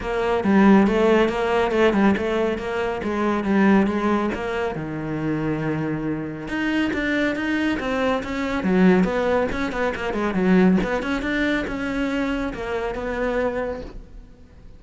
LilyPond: \new Staff \with { instrumentName = "cello" } { \time 4/4 \tempo 4 = 139 ais4 g4 a4 ais4 | a8 g8 a4 ais4 gis4 | g4 gis4 ais4 dis4~ | dis2. dis'4 |
d'4 dis'4 c'4 cis'4 | fis4 b4 cis'8 b8 ais8 gis8 | fis4 b8 cis'8 d'4 cis'4~ | cis'4 ais4 b2 | }